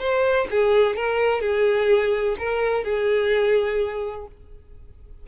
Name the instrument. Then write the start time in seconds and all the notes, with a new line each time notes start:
violin
0.00 C5
0.51 G#4
0.97 A#4
1.42 G#4
2.39 A#4
2.84 G#4